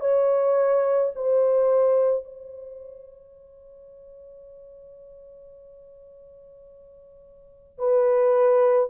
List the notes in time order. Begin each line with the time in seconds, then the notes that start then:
0.00 C#5
1.15 C5
2.24 C#5
7.78 B4